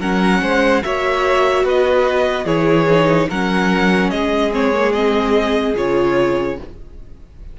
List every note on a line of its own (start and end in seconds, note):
0.00 0.41 F#3
0.00 0.83 C#4
0.00 0.41 A#4
0.00 0.83 F#5
0.42 0.83 G#3
0.42 0.83 C5
0.83 1.64 A#3
0.83 2.46 F#4
0.83 1.65 C#5
0.83 1.65 E5
1.64 2.45 B3
1.64 2.45 B4
1.64 2.47 D#5
2.45 3.27 E3
2.45 2.87 E4
2.45 3.28 G#4
2.45 3.29 C#5
2.89 3.30 D#4
3.29 4.11 F#3
3.29 4.52 C#4
3.29 4.10 A#4
3.29 4.10 F#5
4.10 5.76 G#3
4.10 6.57 G#4
4.10 4.51 D#5
4.52 4.72 C4
4.52 4.93 C#5
4.74 4.94 A#3
4.93 5.76 C4
4.93 5.75 D#5
5.76 6.59 C#3
5.76 6.58 F4
5.76 6.59 C#5